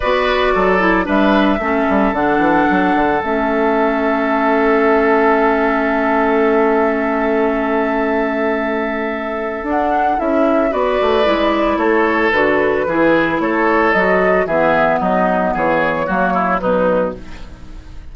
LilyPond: <<
  \new Staff \with { instrumentName = "flute" } { \time 4/4 \tempo 4 = 112 d''2 e''2 | fis''2 e''2~ | e''1~ | e''1~ |
e''2 fis''4 e''4 | d''2 cis''4 b'4~ | b'4 cis''4 dis''4 e''4 | dis''4 cis''2 b'4 | }
  \new Staff \with { instrumentName = "oboe" } { \time 4/4 b'4 a'4 b'4 a'4~ | a'1~ | a'1~ | a'1~ |
a'1 | b'2 a'2 | gis'4 a'2 gis'4 | dis'4 gis'4 fis'8 e'8 dis'4 | }
  \new Staff \with { instrumentName = "clarinet" } { \time 4/4 fis'4. e'8 d'4 cis'4 | d'2 cis'2~ | cis'1~ | cis'1~ |
cis'2 d'4 e'4 | fis'4 e'2 fis'4 | e'2 fis'4 b4~ | b2 ais4 fis4 | }
  \new Staff \with { instrumentName = "bassoon" } { \time 4/4 b4 fis4 g4 a8 g8 | d8 e8 fis8 d8 a2~ | a1~ | a1~ |
a2 d'4 cis'4 | b8 a8 gis4 a4 d4 | e4 a4 fis4 e4 | fis4 e4 fis4 b,4 | }
>>